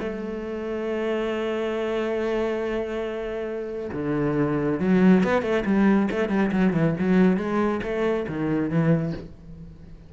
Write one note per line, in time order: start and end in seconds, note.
0.00 3.91 A3
3.93 4.80 D3
4.80 5.24 F#3
5.24 5.43 B3
5.43 5.64 A3
5.66 6.09 G3
6.11 6.30 A3
6.30 6.51 G3
6.52 6.74 F#3
6.74 6.95 E3
7.00 7.38 F#3
7.38 7.81 G#3
7.83 8.27 A3
8.29 8.70 D#3
8.70 9.14 E3